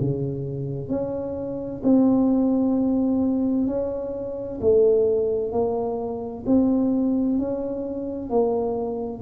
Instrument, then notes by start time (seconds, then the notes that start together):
tuba
0.00 C#3
0.89 C#4
1.84 C4
3.67 C#4
4.61 A3
5.52 A#3
6.46 C4
7.38 C#4
8.30 A#3